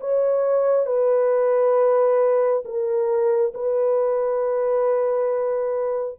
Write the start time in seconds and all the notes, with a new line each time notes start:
0.00 C#5
0.86 B4
2.65 A#4
3.54 B4